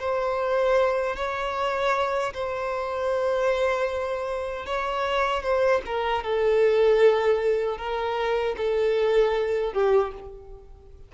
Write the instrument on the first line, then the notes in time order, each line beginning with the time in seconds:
violin
0.00 C5
1.17 C#5
2.34 C5
4.66 C#5
5.43 C5
5.86 A#4
6.24 A4
7.78 A#4
8.57 A4
9.73 G4